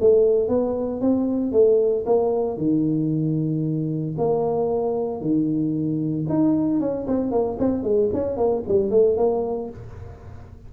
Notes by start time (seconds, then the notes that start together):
0.00 A3
0.48 B3
1.01 C4
1.52 A3
2.06 A#3
2.57 D#3
4.17 A#3
5.21 D#3
6.29 D#4
6.80 C#4
7.07 C4
7.31 A#3
7.59 C4
7.83 G#3
8.13 C#4
8.37 A#3
8.68 G3
8.90 A3
9.17 A#3